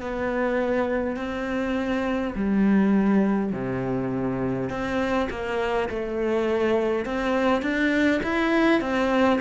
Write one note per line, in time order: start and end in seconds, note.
0.00 1.17 B3
1.17 2.34 C4
2.35 3.52 G3
3.52 4.70 C3
4.70 5.28 C4
5.30 5.89 A#3
5.89 7.05 A3
7.05 7.61 C4
7.61 8.20 D4
8.23 8.81 E4
8.81 9.40 C4